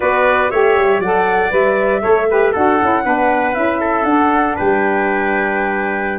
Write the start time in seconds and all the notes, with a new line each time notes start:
0.00 B3 F#4 B4 D5
0.50 A3 G4 C#5 E5
0.76 G3
0.99 F#3 A4 D5 F#5
1.50 G3 B4 E5
2.00 A3 A4 C#5
2.30 G4 B4
2.52 D4 F#4 A4 F#5
2.81 C#4 E4
3.04 B3 D4 B4
3.54 C#4 E4 E5
3.80 A4
4.04 D4 F#5
4.56 G3 B4 G5